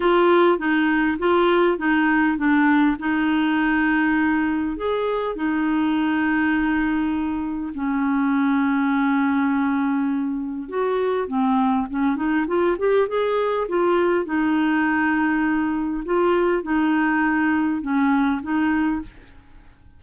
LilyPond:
\new Staff \with { instrumentName = "clarinet" } { \time 4/4 \tempo 4 = 101 f'4 dis'4 f'4 dis'4 | d'4 dis'2. | gis'4 dis'2.~ | dis'4 cis'2.~ |
cis'2 fis'4 c'4 | cis'8 dis'8 f'8 g'8 gis'4 f'4 | dis'2. f'4 | dis'2 cis'4 dis'4 | }